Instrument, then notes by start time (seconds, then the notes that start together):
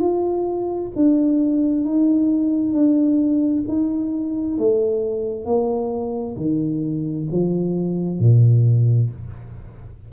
tuba
0.00 F4
0.96 D4
1.85 D#4
2.73 D4
3.68 D#4
4.58 A3
5.45 A#3
6.36 D#3
7.31 F3
8.19 A#2